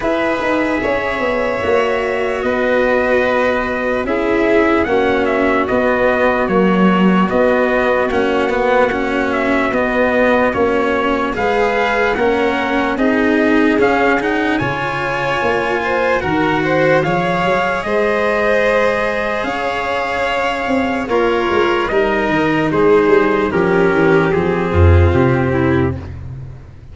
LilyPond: <<
  \new Staff \with { instrumentName = "trumpet" } { \time 4/4 \tempo 4 = 74 e''2. dis''4~ | dis''4 e''4 fis''8 e''8 dis''4 | cis''4 dis''4 fis''4. e''8 | dis''4 cis''4 f''4 fis''4 |
dis''4 f''8 fis''8 gis''2 | fis''4 f''4 dis''2 | f''2 cis''4 dis''4 | c''4 ais'4 gis'4 g'4 | }
  \new Staff \with { instrumentName = "violin" } { \time 4/4 b'4 cis''2 b'4~ | b'4 gis'4 fis'2~ | fis'1~ | fis'2 b'4 ais'4 |
gis'2 cis''4. c''8 | ais'8 c''8 cis''4 c''2 | cis''2 f'4 ais'4 | gis'4 g'4. f'4 e'8 | }
  \new Staff \with { instrumentName = "cello" } { \time 4/4 gis'2 fis'2~ | fis'4 e'4 cis'4 b4 | fis4 b4 cis'8 b8 cis'4 | b4 cis'4 gis'4 cis'4 |
dis'4 cis'8 dis'8 f'2 | fis'4 gis'2.~ | gis'2 ais'4 dis'4~ | dis'4 cis'4 c'2 | }
  \new Staff \with { instrumentName = "tuba" } { \time 4/4 e'8 dis'8 cis'8 b8 ais4 b4~ | b4 cis'4 ais4 b4 | ais4 b4 ais2 | b4 ais4 gis4 ais4 |
c'4 cis'4 cis4 ais4 | dis4 f8 fis8 gis2 | cis'4. c'8 ais8 gis8 g8 dis8 | gis8 g8 f8 e8 f8 f,8 c4 | }
>>